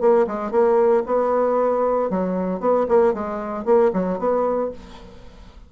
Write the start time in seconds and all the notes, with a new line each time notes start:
0.00 A#3
0.27 G#3
0.51 A#3
1.06 B3
2.10 F#3
2.60 B3
2.88 A#3
3.13 G#3
3.65 A#3
3.93 F#3
4.18 B3